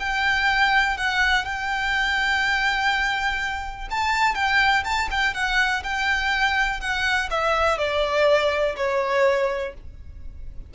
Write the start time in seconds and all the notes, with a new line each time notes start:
0.00 G5
0.98 F#5
1.45 G5
3.91 A5
4.35 G5
4.85 A5
5.11 G5
5.35 F#5
5.84 G5
6.81 F#5
7.31 E5
7.78 D5
8.77 C#5